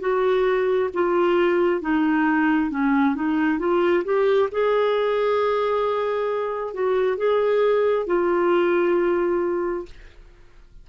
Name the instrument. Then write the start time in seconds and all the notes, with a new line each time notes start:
clarinet
0.00 F#4
0.93 F4
1.81 D#4
2.70 C#4
3.15 D#4
3.59 F4
4.04 G4
4.51 G#4
6.73 F#4
7.17 G#4
8.06 F4